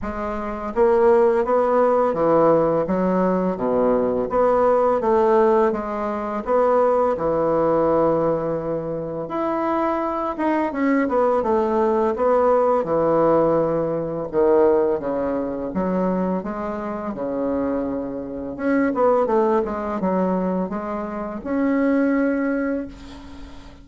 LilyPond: \new Staff \with { instrumentName = "bassoon" } { \time 4/4 \tempo 4 = 84 gis4 ais4 b4 e4 | fis4 b,4 b4 a4 | gis4 b4 e2~ | e4 e'4. dis'8 cis'8 b8 |
a4 b4 e2 | dis4 cis4 fis4 gis4 | cis2 cis'8 b8 a8 gis8 | fis4 gis4 cis'2 | }